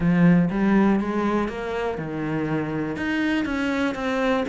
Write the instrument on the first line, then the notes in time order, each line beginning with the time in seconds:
cello
0.00 F3
0.50 G3
1.00 G#3
1.48 A#3
1.98 D#3
2.96 D#4
3.45 C#4
3.94 C4